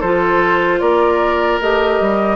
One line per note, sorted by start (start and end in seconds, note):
0.00 0.81 F3
0.00 1.60 F4
0.00 0.79 A4
0.00 0.80 C5
0.80 1.60 A#3
0.80 2.36 A#4
0.80 1.59 D5
1.60 2.00 A3
1.60 2.36 G4
1.60 2.36 D#5
2.00 2.36 G3